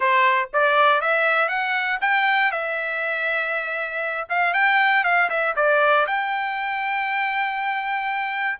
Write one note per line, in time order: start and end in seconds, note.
0.00 0.49 C5
0.53 1.01 D5
1.01 1.48 E5
1.48 1.98 F#5
2.01 2.51 G5
2.51 4.28 E5
4.29 4.53 F5
4.53 5.04 G5
5.04 5.29 F5
5.29 5.54 E5
5.56 6.06 D5
6.06 8.59 G5